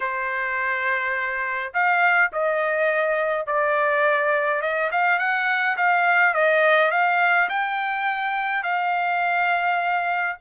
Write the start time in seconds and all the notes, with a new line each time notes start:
0.00 C5
1.73 F5
2.32 D#5
3.46 D5
4.61 D#5
4.91 F5
5.18 F#5
5.77 F5
6.34 D#5
6.91 F5
7.49 G5
8.63 F5